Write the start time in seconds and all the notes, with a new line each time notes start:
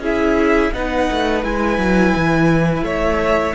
0.00 C#4 E4 G#4 E5
0.74 B3 D#4 B4 F#5
1.11 A3
1.44 G#3 E4 G#5
1.78 F#3
2.16 E3
2.83 A3 C#5 E5